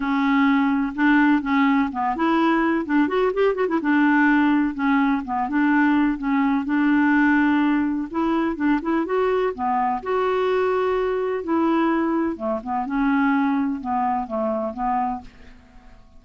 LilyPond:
\new Staff \with { instrumentName = "clarinet" } { \time 4/4 \tempo 4 = 126 cis'2 d'4 cis'4 | b8 e'4. d'8 fis'8 g'8 fis'16 e'16 | d'2 cis'4 b8 d'8~ | d'4 cis'4 d'2~ |
d'4 e'4 d'8 e'8 fis'4 | b4 fis'2. | e'2 a8 b8 cis'4~ | cis'4 b4 a4 b4 | }